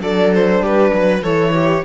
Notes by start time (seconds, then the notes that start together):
0.00 F#3 D4 A4 D5
0.35 C5
0.61 G3 G4 B4
0.94 F#3 B4
1.23 E3 E4 A4 C#5
1.55 G4